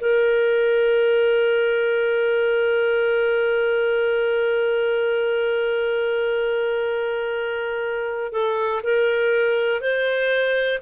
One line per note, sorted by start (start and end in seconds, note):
0.00 8.33 A#4
8.33 8.82 A4
8.83 9.81 A#4
9.81 10.79 C5